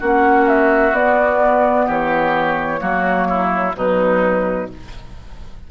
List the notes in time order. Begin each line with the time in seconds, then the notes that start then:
0.00 A#3 C#4 F#4 F#5
0.49 E5
0.93 B3 D5
1.87 E3 G4 C#5
2.79 F#3 A#3 F#4
3.29 E4
3.75 B2 F#3 D#4 B4